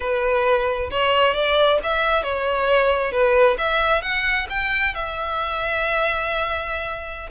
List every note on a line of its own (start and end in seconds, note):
0.00 0.90 B4
0.91 1.34 C#5
1.34 1.78 D5
1.83 2.23 E5
2.23 3.12 C#5
3.12 3.56 B4
3.58 4.02 E5
4.02 4.46 F#5
4.49 4.94 G5
4.94 7.29 E5